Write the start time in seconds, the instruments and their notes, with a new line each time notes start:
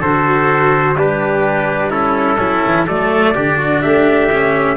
0.00 tuba D3, cello F#4, trumpet A4 C5
0.95 tuba G3, trumpet D4 B4, cello G4
1.90 cello C#4, trumpet E4 A4
2.37 tuba F#3, trumpet C#4, cello E4
2.66 tuba E3
2.86 tuba F#3, cello A3, trumpet A4 D5
3.35 tuba D3, cello D4, trumpet G4
3.58 trumpet F#4
3.81 tuba A3, trumpet G4 E5
4.32 cello C#4